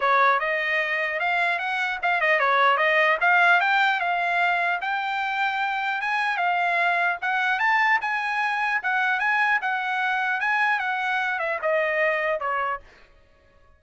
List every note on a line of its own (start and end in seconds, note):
0.00 0.39 C#5
0.39 1.19 D#5
1.19 1.58 F5
1.58 1.98 F#5
2.02 2.20 F5
2.20 2.39 D#5
2.39 2.77 C#5
2.77 3.17 D#5
3.21 3.60 F5
3.60 4.00 G5
4.00 4.80 F5
4.81 6.01 G5
6.01 6.37 G#5
6.37 7.17 F5
7.21 7.59 F#5
7.59 7.99 A5
8.01 8.81 G#5
8.82 9.19 F#5
9.19 9.59 G#5
9.61 10.40 F#5
10.40 10.79 G#5
10.79 11.39 F#5
11.39 11.59 E5
11.62 12.40 D#5
12.40 12.80 C#5